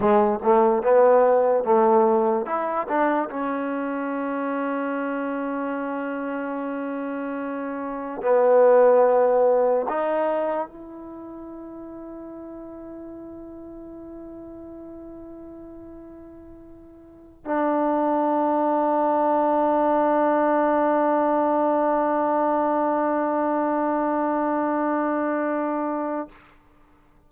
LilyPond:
\new Staff \with { instrumentName = "trombone" } { \time 4/4 \tempo 4 = 73 gis8 a8 b4 a4 e'8 d'8 | cis'1~ | cis'2 b2 | dis'4 e'2.~ |
e'1~ | e'4~ e'16 d'2~ d'8.~ | d'1~ | d'1 | }